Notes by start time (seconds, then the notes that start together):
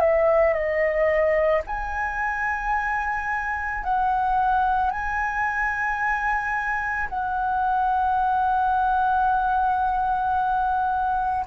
0.00 E5
0.54 D#5
1.67 G#5
3.84 F#5
4.91 G#5
7.10 F#5